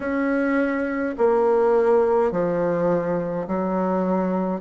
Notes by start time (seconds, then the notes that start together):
0.00 C#4
1.17 A#3
2.31 F3
3.47 F#3